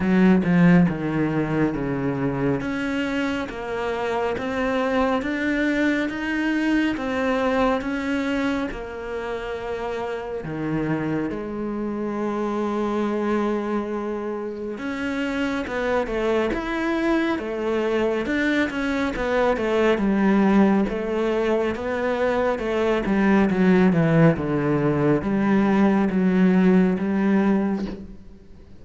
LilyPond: \new Staff \with { instrumentName = "cello" } { \time 4/4 \tempo 4 = 69 fis8 f8 dis4 cis4 cis'4 | ais4 c'4 d'4 dis'4 | c'4 cis'4 ais2 | dis4 gis2.~ |
gis4 cis'4 b8 a8 e'4 | a4 d'8 cis'8 b8 a8 g4 | a4 b4 a8 g8 fis8 e8 | d4 g4 fis4 g4 | }